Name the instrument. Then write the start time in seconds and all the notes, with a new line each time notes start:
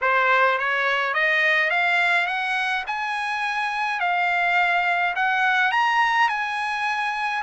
trumpet
0.01 C5
0.58 C#5
1.14 D#5
1.70 F5
2.26 F#5
2.86 G#5
3.99 F5
5.15 F#5
5.71 A#5
6.28 G#5